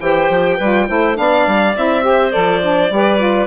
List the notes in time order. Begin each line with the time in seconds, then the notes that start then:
0.00 E3 G4 C5 G5
0.30 F3
0.57 G3 F4 B4
0.88 A3 E4 C5
1.15 B3 D4 D5 F5
1.47 G3
1.76 C4 E4 E5
2.02 G4 C5
2.32 F3 A4 D5
2.61 D4
2.91 G3 G4 B4
3.18 F4